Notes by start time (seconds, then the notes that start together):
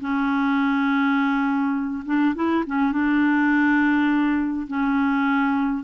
0.00 C#4
2.05 D4
2.35 E4
2.67 C#4
2.92 D4
4.67 C#4